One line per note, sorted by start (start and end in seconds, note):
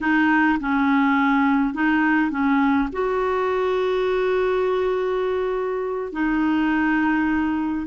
0.00 0.59 D#4
0.60 1.74 C#4
1.74 2.30 D#4
2.30 2.88 C#4
2.92 6.12 F#4
6.12 7.87 D#4